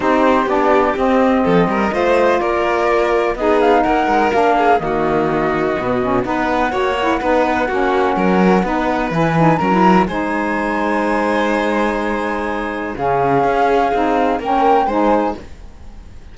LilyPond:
<<
  \new Staff \with { instrumentName = "flute" } { \time 4/4 \tempo 4 = 125 c''4 d''4 dis''2~ | dis''4 d''2 dis''8 f''8 | fis''4 f''4 dis''2~ | dis''4 fis''2.~ |
fis''2. gis''4 | ais''4 gis''2.~ | gis''2. f''4~ | f''2 g''4 gis''4 | }
  \new Staff \with { instrumentName = "violin" } { \time 4/4 g'2. a'8 ais'8 | c''4 ais'2 gis'4 | ais'4. gis'8 fis'2~ | fis'4 b'4 cis''4 b'4 |
fis'4 ais'4 b'2 | ais'4 c''2.~ | c''2. gis'4~ | gis'2 ais'4 c''4 | }
  \new Staff \with { instrumentName = "saxophone" } { \time 4/4 dis'4 d'4 c'2 | f'2. dis'4~ | dis'4 d'4 ais2 | b8 cis'8 dis'4 fis'8 e'8 dis'4 |
cis'2 dis'4 e'8 dis'8 | cis'16 e'8. dis'2.~ | dis'2. cis'4~ | cis'4 dis'4 cis'4 dis'4 | }
  \new Staff \with { instrumentName = "cello" } { \time 4/4 c'4 b4 c'4 f8 g8 | a4 ais2 b4 | ais8 gis8 ais4 dis2 | b,4 b4 ais4 b4 |
ais4 fis4 b4 e4 | fis4 gis2.~ | gis2. cis4 | cis'4 c'4 ais4 gis4 | }
>>